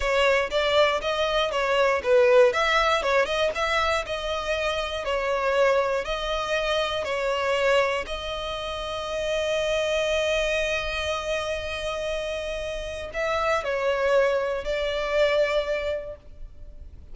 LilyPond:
\new Staff \with { instrumentName = "violin" } { \time 4/4 \tempo 4 = 119 cis''4 d''4 dis''4 cis''4 | b'4 e''4 cis''8 dis''8 e''4 | dis''2 cis''2 | dis''2 cis''2 |
dis''1~ | dis''1~ | dis''2 e''4 cis''4~ | cis''4 d''2. | }